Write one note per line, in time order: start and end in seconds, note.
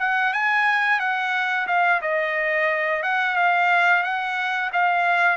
0.00 0.34 F#5
0.34 1.00 G#5
1.00 1.67 F#5
1.68 2.01 F5
2.02 3.03 D#5
3.03 3.36 F#5
3.36 4.04 F5
4.04 4.71 F#5
4.73 5.38 F5